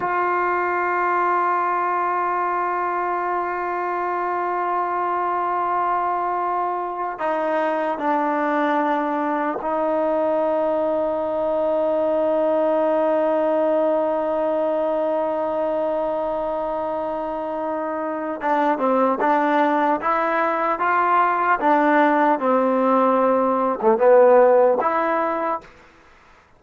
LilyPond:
\new Staff \with { instrumentName = "trombone" } { \time 4/4 \tempo 4 = 75 f'1~ | f'1~ | f'4 dis'4 d'2 | dis'1~ |
dis'1~ | dis'2. d'8 c'8 | d'4 e'4 f'4 d'4 | c'4.~ c'16 a16 b4 e'4 | }